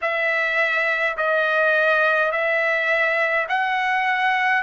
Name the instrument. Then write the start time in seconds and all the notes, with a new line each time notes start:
trumpet
0.01 E5
1.17 D#5
2.31 E5
3.48 F#5